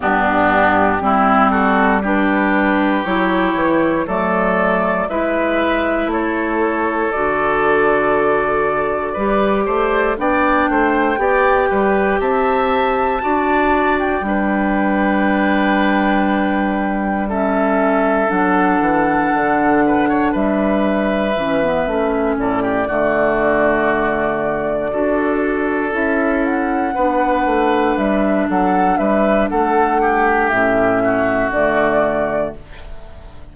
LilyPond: <<
  \new Staff \with { instrumentName = "flute" } { \time 4/4 \tempo 4 = 59 g'4. a'8 b'4 cis''4 | d''4 e''4 cis''4 d''4~ | d''2 g''2 | a''4.~ a''16 g''2~ g''16~ |
g''4 e''4 fis''2 | e''2 d''2~ | d''4. e''8 fis''4. e''8 | fis''8 e''8 fis''4 e''4 d''4 | }
  \new Staff \with { instrumentName = "oboe" } { \time 4/4 d'4 e'8 fis'8 g'2 | a'4 b'4 a'2~ | a'4 b'8 c''8 d''8 c''8 d''8 b'8 | e''4 d''4 b'2~ |
b'4 a'2~ a'8 b'16 cis''16 | b'2 a'16 g'16 fis'4.~ | fis'8 a'2 b'4. | a'8 b'8 a'8 g'4 fis'4. | }
  \new Staff \with { instrumentName = "clarinet" } { \time 4/4 b4 c'4 d'4 e'4 | a4 e'2 fis'4~ | fis'4 g'4 d'4 g'4~ | g'4 fis'4 d'2~ |
d'4 cis'4 d'2~ | d'4 cis'16 b16 cis'4 a4.~ | a8 fis'4 e'4 d'4.~ | d'2 cis'4 a4 | }
  \new Staff \with { instrumentName = "bassoon" } { \time 4/4 g,4 g2 fis8 e8 | fis4 gis4 a4 d4~ | d4 g8 a8 b8 a8 b8 g8 | c'4 d'4 g2~ |
g2 fis8 e8 d4 | g4 e8 a8 a,8 d4.~ | d8 d'4 cis'4 b8 a8 g8 | fis8 g8 a4 a,4 d4 | }
>>